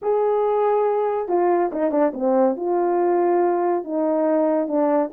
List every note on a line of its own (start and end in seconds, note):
0.01 1.28 G#4
1.28 1.70 F4
1.72 1.91 D#4
1.91 2.12 D4
2.13 2.56 C4
2.56 3.84 F4
3.84 4.67 D#4
4.67 5.10 D4